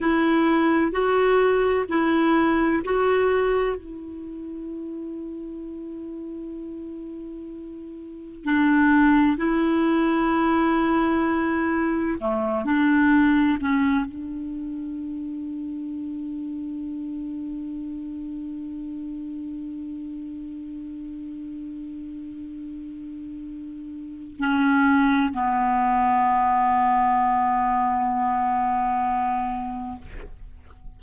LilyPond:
\new Staff \with { instrumentName = "clarinet" } { \time 4/4 \tempo 4 = 64 e'4 fis'4 e'4 fis'4 | e'1~ | e'4 d'4 e'2~ | e'4 a8 d'4 cis'8 d'4~ |
d'1~ | d'1~ | d'2 cis'4 b4~ | b1 | }